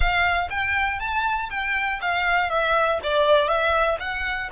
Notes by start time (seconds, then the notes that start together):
0.00 F5
0.50 G5
0.99 A5
1.50 G5
2.01 F5
2.49 E5
3.02 D5
3.47 E5
3.99 F#5